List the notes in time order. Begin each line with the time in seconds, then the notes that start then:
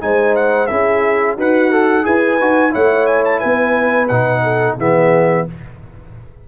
0.00 G#3 D#4 C5 G#5
0.35 F#5
0.67 C#4 E4 G#4 E5
1.35 D#4 F#4 B4 F#5
1.71 A4
2.03 E4 G#4 B4 G#5
2.39 D#4 F#4
2.71 A3 E4 C#5 F#5
3.06 G#5
3.24 A5
3.39 B3 B4 G#5
4.08 B2 D#4 F#5
4.43 A4
4.77 E3 B3 G#4 E5